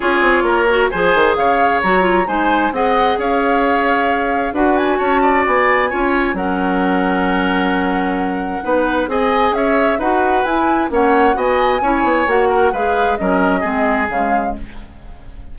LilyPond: <<
  \new Staff \with { instrumentName = "flute" } { \time 4/4 \tempo 4 = 132 cis''2 gis''4 f''4 | ais''4 gis''4 fis''4 f''4~ | f''2 fis''8 gis''8 a''4 | gis''2 fis''2~ |
fis''1 | gis''4 e''4 fis''4 gis''4 | fis''4 gis''2 fis''4 | f''4 dis''2 f''4 | }
  \new Staff \with { instrumentName = "oboe" } { \time 4/4 gis'4 ais'4 c''4 cis''4~ | cis''4 c''4 dis''4 cis''4~ | cis''2 b'4 cis''8 d''8~ | d''4 cis''4 ais'2~ |
ais'2. b'4 | dis''4 cis''4 b'2 | cis''4 dis''4 cis''4. ais'8 | b'4 ais'4 gis'2 | }
  \new Staff \with { instrumentName = "clarinet" } { \time 4/4 f'4. fis'8 gis'2 | fis'8 f'8 dis'4 gis'2~ | gis'2 fis'2~ | fis'4 f'4 cis'2~ |
cis'2. dis'4 | gis'2 fis'4 e'4 | cis'4 fis'4 e'4 fis'4 | gis'4 cis'4 c'4 gis4 | }
  \new Staff \with { instrumentName = "bassoon" } { \time 4/4 cis'8 c'8 ais4 f8 dis8 cis4 | fis4 gis4 c'4 cis'4~ | cis'2 d'4 cis'4 | b4 cis'4 fis2~ |
fis2. b4 | c'4 cis'4 dis'4 e'4 | ais4 b4 cis'8 b8 ais4 | gis4 fis4 gis4 cis4 | }
>>